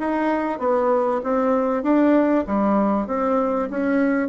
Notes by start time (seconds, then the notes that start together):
0.00 D#4
0.60 B3
1.24 C4
1.83 D4
2.47 G3
3.08 C4
3.71 C#4